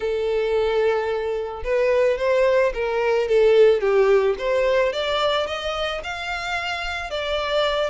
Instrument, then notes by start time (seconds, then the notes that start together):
violin
0.00 A4
1.63 B4
2.18 C5
2.73 A#4
3.28 A4
3.81 G4
4.38 C5
4.92 D5
5.46 D#5
6.03 F5
7.10 D5